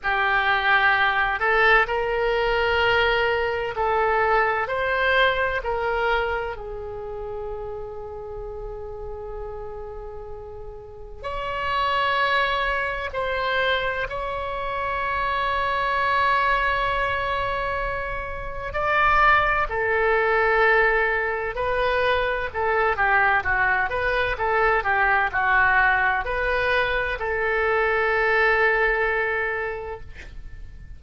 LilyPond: \new Staff \with { instrumentName = "oboe" } { \time 4/4 \tempo 4 = 64 g'4. a'8 ais'2 | a'4 c''4 ais'4 gis'4~ | gis'1 | cis''2 c''4 cis''4~ |
cis''1 | d''4 a'2 b'4 | a'8 g'8 fis'8 b'8 a'8 g'8 fis'4 | b'4 a'2. | }